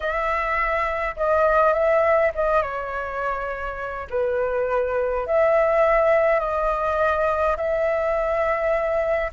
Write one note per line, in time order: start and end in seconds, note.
0.00 1.15 E5
1.16 1.73 D#5
1.73 2.31 E5
2.34 2.61 D#5
2.61 4.07 C#5
4.10 5.26 B4
5.27 6.39 E5
6.39 7.56 D#5
7.56 9.31 E5